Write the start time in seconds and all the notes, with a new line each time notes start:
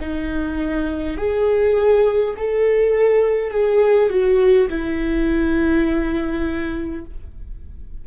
0.00 D#4
1.17 G#4
2.37 A4
3.51 G#4
4.10 F#4
4.70 E4